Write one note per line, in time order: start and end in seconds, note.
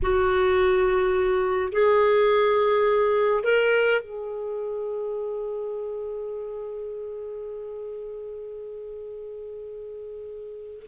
0.02 1.72 F#4
1.72 3.43 G#4
3.43 4.00 A#4
4.01 10.86 G#4